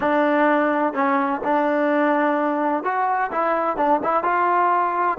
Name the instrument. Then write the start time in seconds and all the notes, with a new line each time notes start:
trombone
0.00 D4
0.93 C#4
1.44 D4
2.83 F#4
3.31 E4
3.76 D4
4.03 E4
4.23 F4